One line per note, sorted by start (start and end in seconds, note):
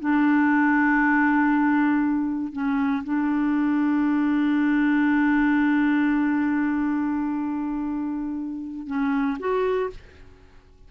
0.00 2.52 D4
2.52 3.03 C#4
3.04 8.87 D4
8.87 9.37 C#4
9.39 9.90 F#4